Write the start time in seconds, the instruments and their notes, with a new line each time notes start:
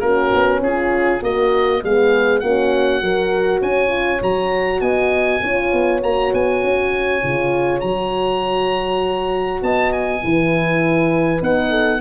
0.00 tuba A#3, horn C#4 F#4, oboe A#4
0.34 tuba B3
0.61 tuba C#4, horn F4, oboe G#4
1.21 tuba A#3, horn A#3 F#4, oboe D#5
1.82 tuba G#3, horn B3 G#4, oboe F5
2.40 tuba A#3, horn C#4 F#4, oboe F#5
3.01 tuba F#3, horn F#4 A#4
3.61 tuba C#4, horn C#5, oboe G#5
3.88 horn F4
4.22 tuba F#3, horn F#4, oboe A#5
4.80 tuba B3, horn D#5, oboe G#5
5.42 tuba C#4, horn F4 C#5
5.72 tuba B3
6.01 tuba A#3, horn F#4, oboe A#5
6.33 tuba B3, oboe G#5
6.63 tuba C#4
7.22 tuba C#3, horn F4
7.80 tuba F#3, horn F#4, oboe A#5
9.62 tuba B3, horn D#5, oboe A5
9.92 oboe G#5
10.23 tuba E3, horn E4 B4
11.40 tuba B3, horn D#4, oboe F#5
11.69 horn A4